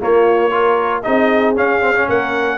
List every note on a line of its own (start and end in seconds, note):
0.00 0.50 A#3
0.00 1.05 A#3
0.00 0.50 F4
0.00 1.02 C#5
0.50 1.02 F4
0.50 1.02 A#4
1.02 1.56 C4
1.02 1.55 D#4
1.02 2.07 G#4
1.02 1.54 D#5
1.55 1.81 C#4
1.55 2.08 C#4
1.55 2.09 F5
1.81 1.94 C4
1.95 2.57 C#4
2.08 2.57 A#3
2.08 2.57 A#4
2.08 2.57 F#5